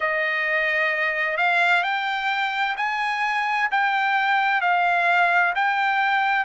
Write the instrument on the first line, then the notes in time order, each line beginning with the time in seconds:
trumpet
0.00 D#5
1.37 F5
1.83 G5
2.77 G#5
3.71 G5
4.61 F5
5.55 G5